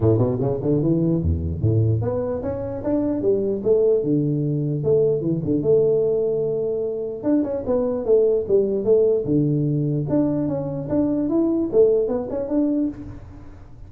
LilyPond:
\new Staff \with { instrumentName = "tuba" } { \time 4/4 \tempo 4 = 149 a,8 b,8 cis8 d8 e4 e,4 | a,4 b4 cis'4 d'4 | g4 a4 d2 | a4 e8 d8 a2~ |
a2 d'8 cis'8 b4 | a4 g4 a4 d4~ | d4 d'4 cis'4 d'4 | e'4 a4 b8 cis'8 d'4 | }